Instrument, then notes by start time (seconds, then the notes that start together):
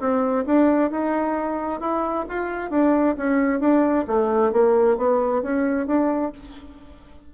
bassoon
0.00 C4
0.46 D4
0.91 D#4
1.81 E4
2.29 F4
2.71 D4
3.17 C#4
3.60 D4
4.07 A3
4.53 A#3
4.97 B3
5.43 C#4
5.87 D4